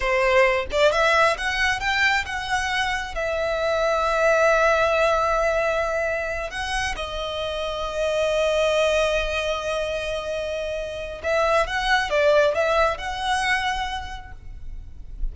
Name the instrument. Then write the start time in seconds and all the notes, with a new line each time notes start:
violin
0.00 C5
0.71 D5
0.92 E5
1.37 F#5
1.80 G5
2.25 F#5
3.14 E5
6.50 F#5
6.96 D#5
11.23 E5
11.66 F#5
12.10 D5
12.55 E5
12.97 F#5